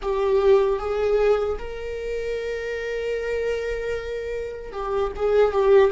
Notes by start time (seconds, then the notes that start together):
0.01 G4
0.79 G#4
1.58 A#4
4.72 G4
5.16 G#4
5.52 G4